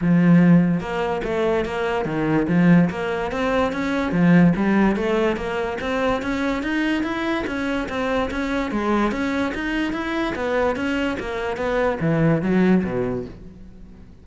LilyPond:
\new Staff \with { instrumentName = "cello" } { \time 4/4 \tempo 4 = 145 f2 ais4 a4 | ais4 dis4 f4 ais4 | c'4 cis'4 f4 g4 | a4 ais4 c'4 cis'4 |
dis'4 e'4 cis'4 c'4 | cis'4 gis4 cis'4 dis'4 | e'4 b4 cis'4 ais4 | b4 e4 fis4 b,4 | }